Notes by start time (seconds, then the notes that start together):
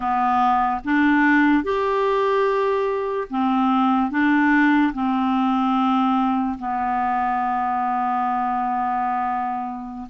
0.00 B3
0.84 D4
1.63 G4
3.30 C4
4.10 D4
4.93 C4
6.58 B3